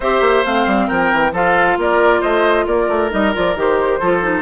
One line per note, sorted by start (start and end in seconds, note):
0.00 0.21 C4
0.00 0.45 G4
0.00 0.86 C5
0.00 0.45 E5
0.21 0.43 A#3
0.45 0.66 A3
0.45 1.34 C4
0.45 0.88 F5
0.66 0.88 G3
0.87 1.12 F3
0.87 1.31 A#4
0.87 1.33 G5
1.12 1.32 E3
1.32 1.76 F3
1.32 3.10 F4
1.32 1.77 A4
1.32 1.79 F5
1.77 2.22 A#3
1.77 2.20 A#4
1.77 2.22 D5
2.20 2.66 A3
2.20 2.65 C5
2.20 2.66 D#5
2.66 2.88 A#3
2.66 3.99 A#4
2.66 3.11 D5
2.88 3.10 A3
3.10 3.35 G3
3.10 3.33 D#4
3.10 3.34 D#5
3.33 3.55 F3
3.33 3.55 F4
3.33 3.57 D5
3.55 3.99 D#3
3.55 4.00 G4
3.55 4.42 C5
3.99 4.42 F3
3.99 4.22 F4
3.99 4.42 A4
4.22 4.42 D#4